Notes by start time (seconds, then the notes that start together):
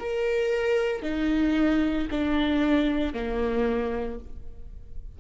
0.00 A#4
1.02 D#4
2.11 D4
3.14 A#3